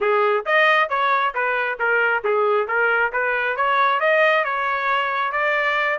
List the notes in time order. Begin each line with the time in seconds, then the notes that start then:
0.00 G#4
0.45 D#5
0.89 C#5
1.34 B4
1.79 A#4
2.24 G#4
2.67 A#4
3.12 B4
3.56 C#5
4.00 D#5
4.44 C#5
5.32 D5